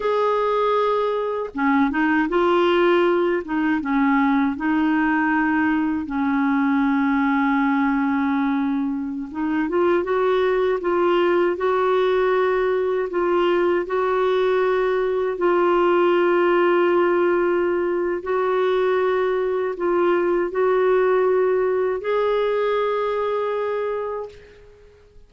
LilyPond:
\new Staff \with { instrumentName = "clarinet" } { \time 4/4 \tempo 4 = 79 gis'2 cis'8 dis'8 f'4~ | f'8 dis'8 cis'4 dis'2 | cis'1~ | cis'16 dis'8 f'8 fis'4 f'4 fis'8.~ |
fis'4~ fis'16 f'4 fis'4.~ fis'16~ | fis'16 f'2.~ f'8. | fis'2 f'4 fis'4~ | fis'4 gis'2. | }